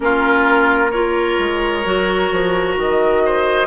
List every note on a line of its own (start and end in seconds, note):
0.00 1.38 A#3
0.00 0.89 C#4
0.00 0.91 F4
0.00 0.91 A#4
0.91 1.83 F4
0.91 3.22 A#4
0.91 2.75 C#5
1.38 1.85 G#3
1.83 2.31 F#3
1.83 3.67 F#4
2.31 2.76 F3
2.76 3.67 D#3
2.76 3.67 D#5
3.25 3.67 C5